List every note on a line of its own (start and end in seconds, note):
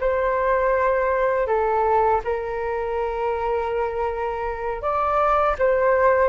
0.00 1.47 C5
1.47 2.21 A4
2.24 4.81 A#4
4.81 5.56 D5
5.58 6.29 C5